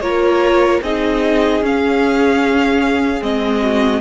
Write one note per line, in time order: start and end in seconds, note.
0.00 0.80 A#3
0.00 0.82 F4
0.00 0.82 A#4
0.00 0.80 C#5
0.81 1.61 C4
0.81 1.63 D#4
0.81 3.61 G#4
0.81 1.63 D#5
1.61 3.21 C#4
1.61 3.23 F5
3.21 4.01 G#3
3.21 4.01 C4
3.21 4.01 D#5
3.61 4.01 F#4